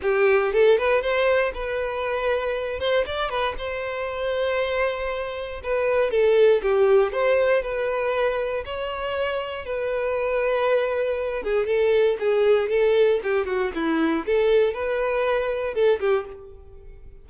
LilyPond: \new Staff \with { instrumentName = "violin" } { \time 4/4 \tempo 4 = 118 g'4 a'8 b'8 c''4 b'4~ | b'4. c''8 d''8 b'8 c''4~ | c''2. b'4 | a'4 g'4 c''4 b'4~ |
b'4 cis''2 b'4~ | b'2~ b'8 gis'8 a'4 | gis'4 a'4 g'8 fis'8 e'4 | a'4 b'2 a'8 g'8 | }